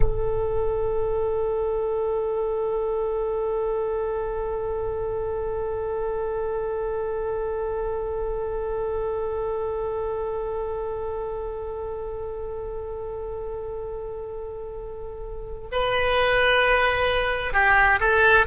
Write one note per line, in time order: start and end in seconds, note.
0.00 15.68 A4
15.71 17.53 B4
17.53 17.99 G4
18.00 18.46 A4